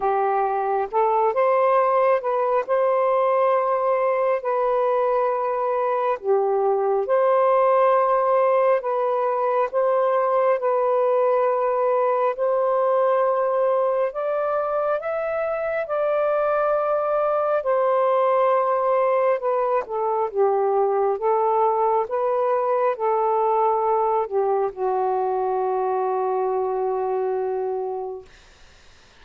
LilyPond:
\new Staff \with { instrumentName = "saxophone" } { \time 4/4 \tempo 4 = 68 g'4 a'8 c''4 b'8 c''4~ | c''4 b'2 g'4 | c''2 b'4 c''4 | b'2 c''2 |
d''4 e''4 d''2 | c''2 b'8 a'8 g'4 | a'4 b'4 a'4. g'8 | fis'1 | }